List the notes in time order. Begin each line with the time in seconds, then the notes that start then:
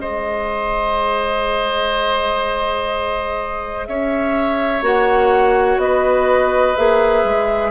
0.00 G#3 G#4 C5 D#5
3.86 C#4 C#5 E5
4.82 A#3 F#4 F#5
5.77 B3 B4 D#5
6.76 A#3 G#4 E5
7.24 G#3